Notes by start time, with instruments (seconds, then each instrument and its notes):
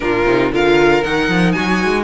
0.00 cello A#2, viola D4, violin F4 A#4
0.25 cello C3, viola D#4
0.52 cello D3, viola F4, violin A#4 F5
1.02 cello D#3, viola D#4, violin F#5
1.28 cello F3
1.52 violin F#4 G#5
1.58 cello F#3
1.84 cello G#3